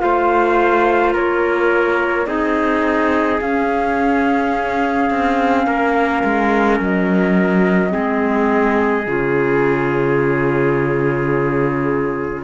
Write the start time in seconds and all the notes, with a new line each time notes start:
0.00 A3 F4 C5 F5
1.14 A#3 A#4 C#5
2.26 C4 D#4 G#4 D#5
3.41 C#4 F5
5.10 C4
5.67 A#3 A#4
6.24 G#3
6.80 F#3 D#5
7.90 G#3 C4 G#4
9.07 C#3 F4 C#5